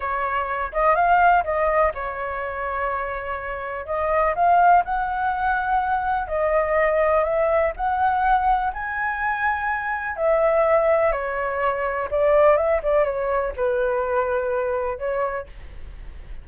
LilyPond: \new Staff \with { instrumentName = "flute" } { \time 4/4 \tempo 4 = 124 cis''4. dis''8 f''4 dis''4 | cis''1 | dis''4 f''4 fis''2~ | fis''4 dis''2 e''4 |
fis''2 gis''2~ | gis''4 e''2 cis''4~ | cis''4 d''4 e''8 d''8 cis''4 | b'2. cis''4 | }